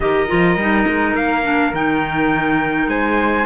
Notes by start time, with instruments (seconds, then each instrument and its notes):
0.00 cello D#3, clarinet G4, flute A#4, trumpet D#5
0.27 cello F3, clarinet F4
0.56 cello G3, clarinet D#4
0.87 cello G#3
1.14 cello A#3, trumpet F5
1.43 clarinet D4
1.72 cello D#3, clarinet D#4, trumpet G5
2.87 cello G#3, flute C5, trumpet G#5